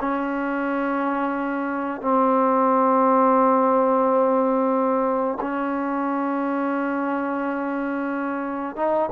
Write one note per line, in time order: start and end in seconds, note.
0.00 2.01 C#4
2.01 5.38 C4
5.41 8.76 C#4
8.76 9.10 D#4